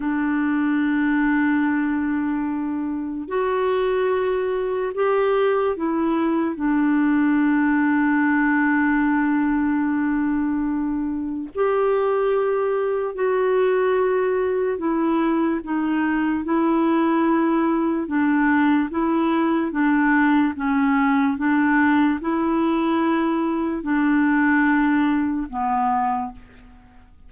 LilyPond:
\new Staff \with { instrumentName = "clarinet" } { \time 4/4 \tempo 4 = 73 d'1 | fis'2 g'4 e'4 | d'1~ | d'2 g'2 |
fis'2 e'4 dis'4 | e'2 d'4 e'4 | d'4 cis'4 d'4 e'4~ | e'4 d'2 b4 | }